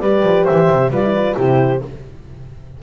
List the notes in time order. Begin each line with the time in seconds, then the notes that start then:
0.00 G3 G4 B4 D5
0.23 F3
0.45 C5 E5
0.51 E3
0.70 C3
0.90 G3 F4 B4 D5
1.04 E4
1.16 F4
1.36 C3 E4 G4 C5